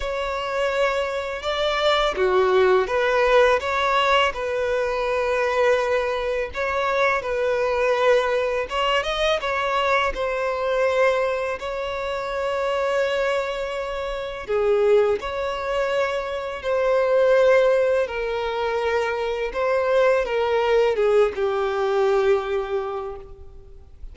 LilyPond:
\new Staff \with { instrumentName = "violin" } { \time 4/4 \tempo 4 = 83 cis''2 d''4 fis'4 | b'4 cis''4 b'2~ | b'4 cis''4 b'2 | cis''8 dis''8 cis''4 c''2 |
cis''1 | gis'4 cis''2 c''4~ | c''4 ais'2 c''4 | ais'4 gis'8 g'2~ g'8 | }